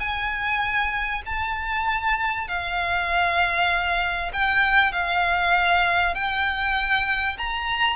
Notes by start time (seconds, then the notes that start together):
0.00 G#5
1.26 A5
2.48 F5
4.33 G5
4.93 F5
6.15 G5
7.38 A#5